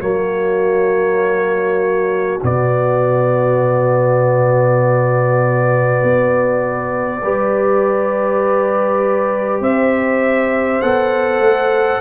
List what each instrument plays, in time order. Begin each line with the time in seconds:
0.00 tuba F#3, trombone A#3, horn F#4, trumpet C#5
2.42 tuba B2, trombone B3, trumpet D5
6.03 tuba B3
7.21 tuba G3, trombone G4, horn B4
9.60 tuba C4, horn C5, trumpet E5
10.81 tuba B3, trombone A4, trumpet F#5
11.40 tuba A3